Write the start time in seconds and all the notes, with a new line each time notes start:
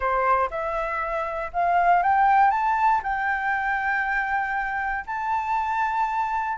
0.00 C5
0.50 E5
1.53 F5
2.03 G5
2.50 A5
3.03 G5
5.06 A5